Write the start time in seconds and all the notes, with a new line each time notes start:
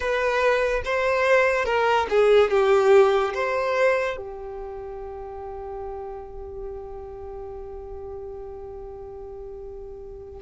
0.00 B4
0.84 C5
1.65 A#4
2.09 G#4
2.50 G4
3.34 C5
4.16 G4